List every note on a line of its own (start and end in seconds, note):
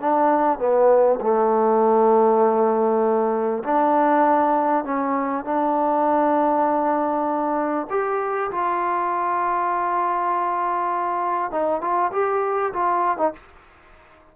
0.00 0.59 D4
0.59 1.19 B3
1.20 3.63 A3
3.64 4.84 D4
4.84 5.44 C#4
5.44 7.87 D4
7.90 8.50 G4
8.51 11.51 F4
11.51 11.81 D#4
11.81 12.11 F4
12.12 12.72 G4
12.73 13.18 F4
13.18 13.33 D#4